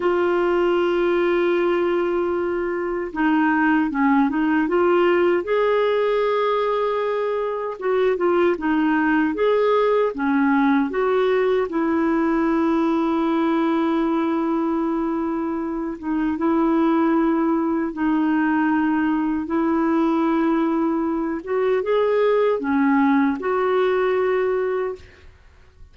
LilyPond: \new Staff \with { instrumentName = "clarinet" } { \time 4/4 \tempo 4 = 77 f'1 | dis'4 cis'8 dis'8 f'4 gis'4~ | gis'2 fis'8 f'8 dis'4 | gis'4 cis'4 fis'4 e'4~ |
e'1~ | e'8 dis'8 e'2 dis'4~ | dis'4 e'2~ e'8 fis'8 | gis'4 cis'4 fis'2 | }